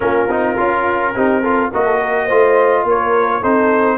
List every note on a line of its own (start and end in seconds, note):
0.00 0.28 A#3
0.00 0.28 C#4
0.00 1.14 F4
0.00 1.71 A#4
0.28 0.57 C4
0.28 0.56 D#4
0.56 1.15 C#4
0.56 1.13 F4
1.14 1.72 C4
1.14 1.43 D#4
1.14 1.41 G4
1.41 1.72 F4
1.41 1.69 A4
1.71 2.30 A#3
1.71 2.29 F#4
1.71 1.85 A#4
1.71 2.87 D#5
1.85 1.99 A4
2.01 2.25 A#4
2.25 2.84 A3
2.25 3.42 F4
2.25 2.82 C5
2.84 3.41 A#3
2.84 3.40 A#4
2.84 3.43 C#5
3.40 3.98 C4
3.40 3.98 D#4
3.40 3.97 A4
3.40 3.98 C5